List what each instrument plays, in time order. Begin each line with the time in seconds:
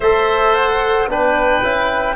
0.00 tuba A3, trombone A4, oboe C5, flute E5
0.54 flute F#5
1.07 tuba B3, trombone D4, oboe B4, flute G5
1.62 tuba C#4, trombone E4